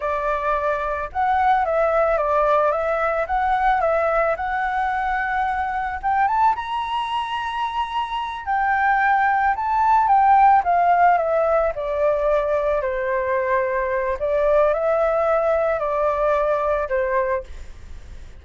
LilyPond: \new Staff \with { instrumentName = "flute" } { \time 4/4 \tempo 4 = 110 d''2 fis''4 e''4 | d''4 e''4 fis''4 e''4 | fis''2. g''8 a''8 | ais''2.~ ais''8 g''8~ |
g''4. a''4 g''4 f''8~ | f''8 e''4 d''2 c''8~ | c''2 d''4 e''4~ | e''4 d''2 c''4 | }